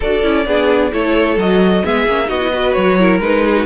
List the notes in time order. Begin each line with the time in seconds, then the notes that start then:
0.00 D4 F#4 A4 D5
0.23 C#4 E4
0.46 B3 D4 G#4
0.92 A3 E4 A4 C#5
1.36 F#3 F#4 D#5
1.83 G#3 B3 G#4 E5
2.06 A#3 C#4
2.26 B3 D#4 F#4 D#5
2.40 E4
2.53 F#4 B4
2.72 F#3 C#5
2.99 E4 A#4
3.19 G#3 D#4 B4
3.45 G#4
3.56 F#4